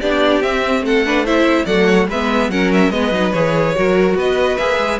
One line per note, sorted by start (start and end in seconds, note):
0.00 0.42 B3
0.00 0.43 D4
0.00 0.83 G4
0.00 0.42 D5
0.42 0.80 C4
0.42 1.05 C4
0.42 0.84 E5
0.80 1.64 A3
0.80 1.05 A4
0.80 1.26 F#5
1.05 1.26 D4
1.05 1.25 B4
1.25 1.66 E4
1.25 1.65 C5
1.25 1.66 E5
1.65 2.07 F#3
1.65 2.08 A3
1.65 1.86 D5
1.65 2.07 F#5
1.86 2.06 C#5
2.07 2.49 G#3
2.07 2.51 B3
2.07 2.50 B4
2.07 2.51 E5
2.49 2.90 F#3
2.49 2.91 C#4
2.49 2.92 A#4
2.49 2.71 F#5
2.72 2.91 E5
2.90 3.11 G#3
2.90 3.12 B3
2.90 3.75 B4
2.90 3.32 D#5
3.11 3.32 F#3
3.11 3.34 D#4
3.32 3.76 E3
3.32 3.75 G#4
3.32 4.16 C#5
3.75 4.15 F#3
3.75 4.58 F#4
3.75 4.16 A#4
4.15 4.57 B3
4.15 4.99 B4
4.15 4.57 D#5
4.57 4.78 A#3
4.57 4.99 G#4
4.57 4.99 E5
4.78 4.99 G#3